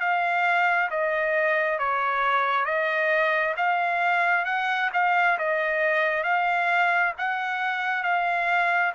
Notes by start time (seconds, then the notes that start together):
0.00 F5
0.90 D#5
1.79 C#5
2.65 D#5
3.57 F5
4.45 F#5
4.93 F5
5.39 D#5
6.24 F5
7.18 F#5
8.04 F5